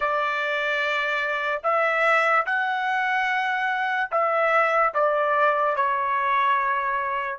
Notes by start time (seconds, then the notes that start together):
0.00 D5
1.63 E5
2.45 F#5
4.11 E5
4.94 D5
5.76 C#5